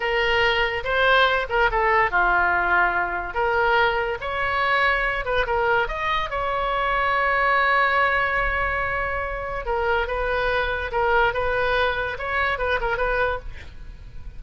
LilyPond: \new Staff \with { instrumentName = "oboe" } { \time 4/4 \tempo 4 = 143 ais'2 c''4. ais'8 | a'4 f'2. | ais'2 cis''2~ | cis''8 b'8 ais'4 dis''4 cis''4~ |
cis''1~ | cis''2. ais'4 | b'2 ais'4 b'4~ | b'4 cis''4 b'8 ais'8 b'4 | }